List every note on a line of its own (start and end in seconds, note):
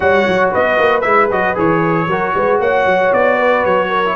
0.00 0.25 G3
0.00 1.01 F#4
0.00 0.51 C#5
0.00 0.50 F#5
0.27 0.53 F#3
0.51 0.78 B3
0.51 2.07 B4
0.51 1.01 D#5
0.78 1.04 A#3
1.01 1.30 G#3
1.01 1.29 E4
1.01 1.27 E5
1.30 1.57 F#3
1.30 1.54 F#4
1.30 1.57 D#5
1.54 2.07 E3
1.54 2.07 G#4
1.54 2.60 C#5
2.07 2.33 F#3
2.07 4.04 F#4
2.07 2.34 A#4
2.35 2.60 G#3
2.35 2.60 B4
2.60 2.85 A#3
2.60 3.37 C#5
2.60 3.13 F#5
2.85 3.11 F#3
3.12 3.64 B3
3.12 3.65 D5
3.37 3.88 B4
3.64 4.15 F#3
3.64 4.15 C#5
3.88 4.14 A#4
4.04 4.15 E4